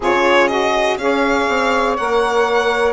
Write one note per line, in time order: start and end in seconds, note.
0.00 0.96 C#3
0.00 0.49 F4
0.00 0.97 G#4
0.00 0.47 C#5
0.47 0.98 F#4
0.47 0.97 D#5
0.96 1.45 C#4
0.96 1.98 G#4
0.96 2.93 C#5
0.96 1.96 F5
1.49 1.98 C4
1.97 2.93 A#3
1.97 2.93 A#4
1.97 2.93 F#5